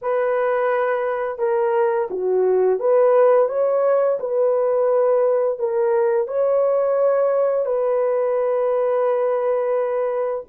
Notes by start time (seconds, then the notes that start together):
0.01 B4
1.38 A#4
2.10 F#4
2.79 B4
3.49 C#5
4.19 B4
5.58 A#4
6.27 C#5
7.65 B4